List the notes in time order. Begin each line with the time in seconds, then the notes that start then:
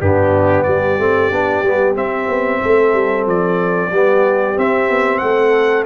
0.00 G2 B3 D4 G4
0.63 G3 G4 D5
0.99 A3 C4
1.31 B3 D4
1.63 G3 B3
1.95 C4 E5
2.28 B3
2.63 A3 A4
2.94 G3
3.26 F3 D5
3.90 G3 B3 G4
4.56 C4 E5
4.89 B3
5.18 A3 F#5
5.25 A4